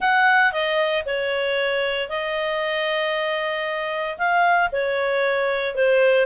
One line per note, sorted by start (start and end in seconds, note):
0.00 0.52 F#5
0.52 1.04 D#5
1.05 2.09 C#5
2.09 4.17 D#5
4.18 4.70 F5
4.72 5.75 C#5
5.75 6.26 C5